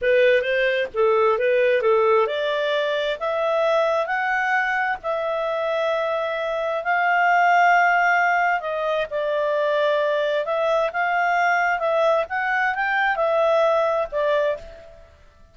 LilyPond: \new Staff \with { instrumentName = "clarinet" } { \time 4/4 \tempo 4 = 132 b'4 c''4 a'4 b'4 | a'4 d''2 e''4~ | e''4 fis''2 e''4~ | e''2. f''4~ |
f''2. dis''4 | d''2. e''4 | f''2 e''4 fis''4 | g''4 e''2 d''4 | }